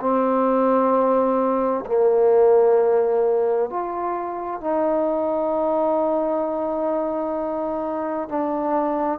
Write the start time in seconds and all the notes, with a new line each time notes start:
0.00 C4
1.85 A#3
3.70 F4
4.60 D#4
8.29 D4